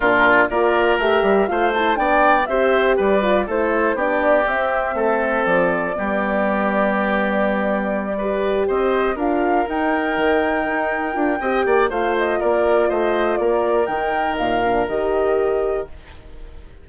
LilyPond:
<<
  \new Staff \with { instrumentName = "flute" } { \time 4/4 \tempo 4 = 121 ais'4 d''4 e''4 f''8 a''8 | g''4 e''4 d''4 c''4 | d''4 e''2 d''4~ | d''1~ |
d''4. dis''4 f''4 g''8~ | g''1 | f''8 dis''8 d''4 dis''4 d''4 | g''4 f''4 dis''2 | }
  \new Staff \with { instrumentName = "oboe" } { \time 4/4 f'4 ais'2 c''4 | d''4 c''4 b'4 a'4 | g'2 a'2 | g'1~ |
g'8 b'4 c''4 ais'4.~ | ais'2. dis''8 d''8 | c''4 ais'4 c''4 ais'4~ | ais'1 | }
  \new Staff \with { instrumentName = "horn" } { \time 4/4 d'4 f'4 g'4 f'8 e'8 | d'4 g'4. f'8 e'4 | d'4 c'2. | b1~ |
b8 g'2 f'4 dis'8~ | dis'2~ dis'8 f'8 g'4 | f'1 | dis'4. d'8 g'2 | }
  \new Staff \with { instrumentName = "bassoon" } { \time 4/4 ais,4 ais4 a8 g8 a4 | b4 c'4 g4 a4 | b4 c'4 a4 f4 | g1~ |
g4. c'4 d'4 dis'8~ | dis'8 dis4 dis'4 d'8 c'8 ais8 | a4 ais4 a4 ais4 | dis4 ais,4 dis2 | }
>>